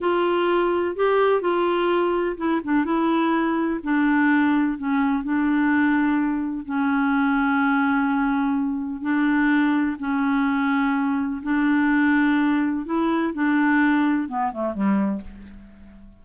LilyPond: \new Staff \with { instrumentName = "clarinet" } { \time 4/4 \tempo 4 = 126 f'2 g'4 f'4~ | f'4 e'8 d'8 e'2 | d'2 cis'4 d'4~ | d'2 cis'2~ |
cis'2. d'4~ | d'4 cis'2. | d'2. e'4 | d'2 b8 a8 g4 | }